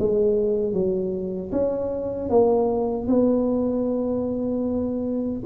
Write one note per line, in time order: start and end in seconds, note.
0.00 0.73 G#3
0.73 1.51 F#3
1.52 2.30 C#4
2.30 3.07 A#3
3.07 5.41 B3